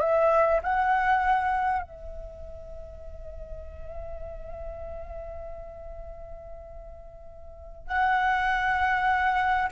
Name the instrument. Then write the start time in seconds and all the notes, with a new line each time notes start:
flute
0.00 E5
0.63 F#5
1.83 E5
7.87 F#5